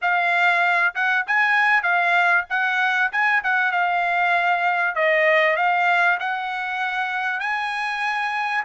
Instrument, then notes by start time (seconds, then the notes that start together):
trumpet
0.01 F5
0.94 F#5
1.26 G#5
1.82 F5
2.49 F#5
3.12 G#5
3.43 F#5
3.71 F5
4.95 D#5
5.56 F5
6.19 F#5
7.39 G#5